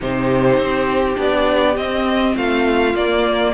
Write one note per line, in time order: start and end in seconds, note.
0.00 0.57 C3
0.00 1.15 D#4
0.00 2.36 G4
0.00 1.20 C5
0.57 1.16 C4
1.15 1.76 B3
1.15 1.74 D4
1.15 1.76 D5
1.76 2.35 C4
1.76 2.94 C4
1.76 2.35 D#5
2.36 2.94 A3
2.36 3.53 F4
2.36 2.95 F5
2.94 3.53 A#3
2.94 3.53 D5